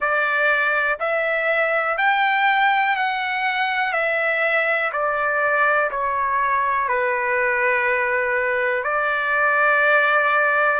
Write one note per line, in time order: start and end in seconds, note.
0.00 0.98 D5
0.99 1.97 E5
1.97 2.96 G5
2.96 3.93 F#5
3.93 4.91 E5
4.92 5.90 D5
5.90 6.88 C#5
6.88 8.83 B4
8.83 10.80 D5